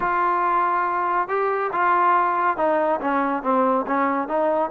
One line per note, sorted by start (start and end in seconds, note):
0.00 1.28 F4
1.28 1.71 G4
1.72 2.57 F4
2.57 2.99 D#4
3.01 3.42 C#4
3.42 3.85 C4
3.86 4.28 C#4
4.28 4.70 D#4